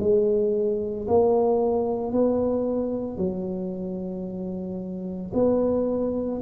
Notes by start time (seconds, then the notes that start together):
0.00 G#3
1.08 A#3
2.12 B3
3.18 F#3
5.34 B3